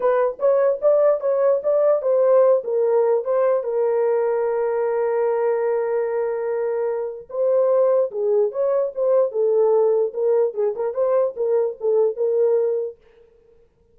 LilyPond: \new Staff \with { instrumentName = "horn" } { \time 4/4 \tempo 4 = 148 b'4 cis''4 d''4 cis''4 | d''4 c''4. ais'4. | c''4 ais'2.~ | ais'1~ |
ais'2 c''2 | gis'4 cis''4 c''4 a'4~ | a'4 ais'4 gis'8 ais'8 c''4 | ais'4 a'4 ais'2 | }